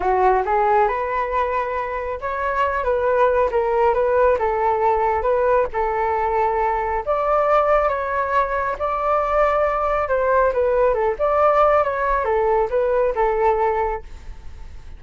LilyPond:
\new Staff \with { instrumentName = "flute" } { \time 4/4 \tempo 4 = 137 fis'4 gis'4 b'2~ | b'4 cis''4. b'4. | ais'4 b'4 a'2 | b'4 a'2. |
d''2 cis''2 | d''2. c''4 | b'4 a'8 d''4. cis''4 | a'4 b'4 a'2 | }